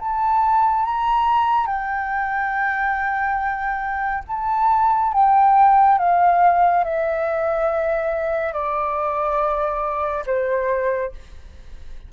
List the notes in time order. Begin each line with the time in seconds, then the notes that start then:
0.00 A5
0.85 A#5
1.67 G5
4.28 A5
5.14 G5
5.99 F5
6.85 E5
8.54 D5
10.27 C5